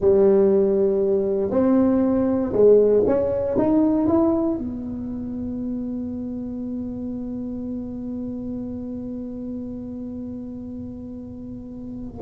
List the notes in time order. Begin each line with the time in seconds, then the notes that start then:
0.00 G3
1.50 C4
2.53 G#3
3.06 C#4
3.57 D#4
4.07 E4
4.58 B3